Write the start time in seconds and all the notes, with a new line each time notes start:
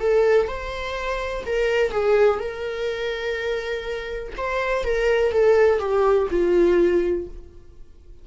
0.00 A4
0.48 C5
1.46 A#4
1.91 G#4
2.40 A#4
4.37 C5
4.84 A#4
5.32 A4
5.80 G4
6.31 F4